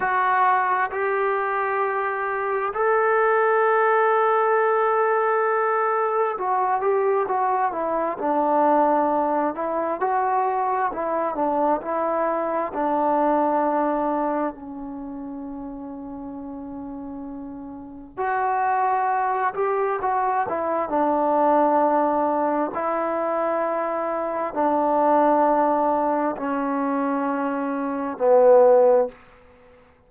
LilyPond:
\new Staff \with { instrumentName = "trombone" } { \time 4/4 \tempo 4 = 66 fis'4 g'2 a'4~ | a'2. fis'8 g'8 | fis'8 e'8 d'4. e'8 fis'4 | e'8 d'8 e'4 d'2 |
cis'1 | fis'4. g'8 fis'8 e'8 d'4~ | d'4 e'2 d'4~ | d'4 cis'2 b4 | }